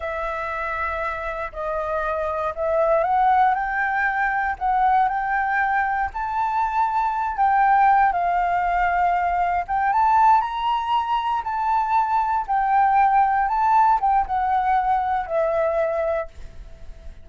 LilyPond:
\new Staff \with { instrumentName = "flute" } { \time 4/4 \tempo 4 = 118 e''2. dis''4~ | dis''4 e''4 fis''4 g''4~ | g''4 fis''4 g''2 | a''2~ a''8 g''4. |
f''2. g''8 a''8~ | a''8 ais''2 a''4.~ | a''8 g''2 a''4 g''8 | fis''2 e''2 | }